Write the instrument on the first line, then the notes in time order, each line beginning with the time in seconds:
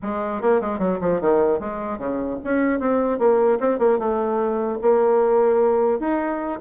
bassoon
0.02 G#3
0.41 A#3
0.61 G#3
0.78 F#3
1.00 F3
1.20 D#3
1.59 G#3
1.98 C#3
2.43 C#4
2.79 C4
3.18 A#3
3.60 C4
3.79 A#3
3.98 A3
4.81 A#3
5.99 D#4